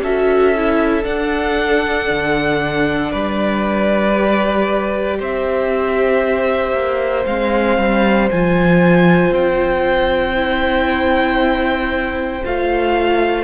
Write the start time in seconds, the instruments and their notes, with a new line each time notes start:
0.00 cello C#4, viola F#4, violin A4 E5
0.55 viola E4
1.03 viola D4, cello D4, violin F#5
2.10 cello D3
3.11 cello G3, violin B4 D5
4.14 viola G4
5.19 cello C4, violin C5 E5
6.73 cello A#3
7.25 cello G#3, viola C4, violin F5
7.78 cello G3
8.30 cello F3, viola F4, violin G#5
9.30 cello C4, violin G5
10.34 viola E4
12.44 cello A3, viola F4, violin F5